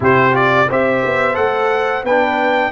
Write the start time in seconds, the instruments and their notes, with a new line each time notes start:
0.00 tuba C3, trombone E4, horn G4, trumpet C5
0.31 trombone F4, trumpet D5
0.69 tuba C4, trombone G4, horn C5, trumpet E5
1.04 tuba B3
1.33 tuba A3, trombone A4, trumpet F#5
2.03 tuba B3, trombone D4, horn B4, trumpet G5